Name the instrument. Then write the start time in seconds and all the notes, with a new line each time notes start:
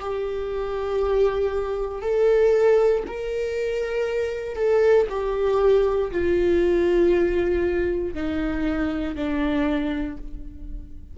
viola
0.00 G4
2.02 A4
3.07 A#4
4.56 A4
5.09 G4
6.12 F4
8.14 D#4
9.16 D4